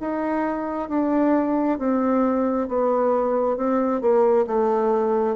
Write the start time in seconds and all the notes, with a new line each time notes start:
0.00 D#4
0.89 D4
1.78 C4
2.68 B3
3.57 C4
4.01 A#3
4.47 A3